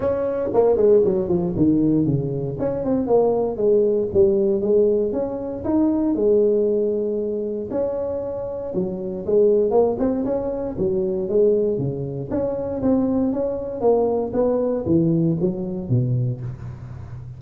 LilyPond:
\new Staff \with { instrumentName = "tuba" } { \time 4/4 \tempo 4 = 117 cis'4 ais8 gis8 fis8 f8 dis4 | cis4 cis'8 c'8 ais4 gis4 | g4 gis4 cis'4 dis'4 | gis2. cis'4~ |
cis'4 fis4 gis4 ais8 c'8 | cis'4 fis4 gis4 cis4 | cis'4 c'4 cis'4 ais4 | b4 e4 fis4 b,4 | }